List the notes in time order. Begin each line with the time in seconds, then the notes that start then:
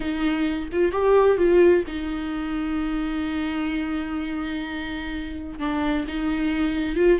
0.00 D#4
0.71 F4
0.92 G4
1.37 F4
1.87 D#4
5.59 D4
6.07 D#4
6.95 F4